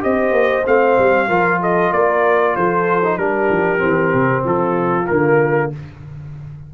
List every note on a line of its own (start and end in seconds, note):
0.00 0.31 C4
0.00 0.63 G4
0.00 1.28 C5
0.00 0.66 D#5
0.31 0.63 A#3
0.66 0.98 A3
0.66 1.29 C4
0.66 1.62 F5
0.99 1.29 G3
1.28 1.92 F3
1.28 3.02 F4
1.28 1.59 A#4
1.61 1.92 A4
1.61 1.93 D#5
1.92 2.55 A#3
1.92 2.55 A#4
1.92 2.56 D5
2.56 3.18 F3
2.56 3.19 A4
2.56 3.18 C5
3.04 3.19 D#4
3.18 3.49 G3
3.18 3.78 D4
3.18 4.45 G4
3.18 4.44 A#4
3.51 3.82 F3
3.78 4.14 E3
3.78 5.04 C4
4.14 4.44 C3
4.44 5.08 F3
4.44 5.71 F4
4.44 5.07 A4
5.07 5.74 D3
5.07 5.72 A#3
5.07 5.70 A#4